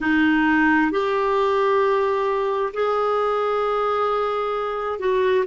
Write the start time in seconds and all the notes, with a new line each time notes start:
0.00 D#4
0.91 G4
2.73 G#4
4.99 F#4